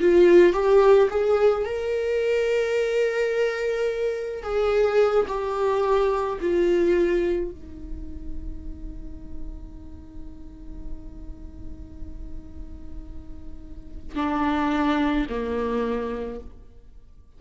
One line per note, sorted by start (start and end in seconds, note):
0.00 0.53 F4
0.53 1.09 G4
1.10 1.65 G#4
1.65 4.43 A#4
4.43 5.26 G#4
5.28 6.39 G4
6.41 7.51 F4
7.51 14.15 D#4
14.15 15.26 D4
15.29 16.40 A#3